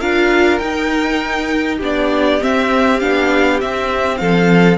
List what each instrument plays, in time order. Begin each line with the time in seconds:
0.00 cello D4, viola F4, violin A#4 F5
0.58 viola D#4, cello D#4, violin G5
1.77 cello B3, viola D4, violin G4
1.84 violin D5
2.40 viola C4, cello C4, violin E5
3.00 cello B3, viola D4, violin F5
3.61 cello C4, viola C4, violin E5
4.17 cello F3, violin A4 F5